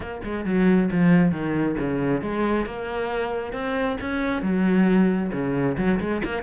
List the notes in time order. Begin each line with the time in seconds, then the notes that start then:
0.00 A#3
0.24 G#3
0.45 F#3
0.91 F3
1.31 D#3
1.78 C#3
2.21 G#3
2.65 A#3
3.52 C4
4.01 C#4
4.42 F#3
5.32 C#3
5.77 F#3
5.99 G#3
6.24 A#3